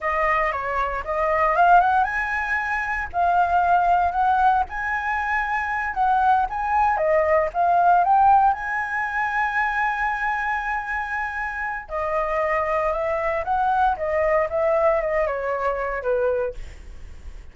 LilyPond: \new Staff \with { instrumentName = "flute" } { \time 4/4 \tempo 4 = 116 dis''4 cis''4 dis''4 f''8 fis''8 | gis''2 f''2 | fis''4 gis''2~ gis''8 fis''8~ | fis''8 gis''4 dis''4 f''4 g''8~ |
g''8 gis''2.~ gis''8~ | gis''2. dis''4~ | dis''4 e''4 fis''4 dis''4 | e''4 dis''8 cis''4. b'4 | }